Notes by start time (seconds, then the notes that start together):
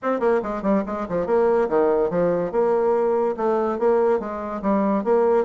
0.02 C4
0.19 A#3
0.43 G#3
0.62 G3
0.86 G#3
1.08 F3
1.26 A#3
1.69 D#3
2.10 F3
2.51 A#3
3.36 A3
3.78 A#3
4.19 G#3
4.62 G3
5.03 A#3